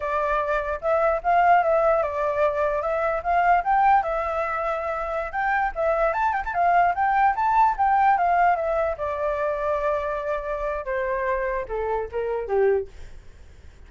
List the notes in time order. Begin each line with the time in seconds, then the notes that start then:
0.00 D5
0.81 E5
1.23 F5
1.63 E5
2.02 D5
2.82 E5
3.23 F5
3.64 G5
4.02 E5
5.32 G5
5.75 E5
6.13 A5
6.32 G5
6.45 A5
6.54 F5
6.94 G5
7.35 A5
7.77 G5
8.17 F5
8.56 E5
8.97 D5
10.85 C5
11.68 A4
12.11 A#4
12.47 G4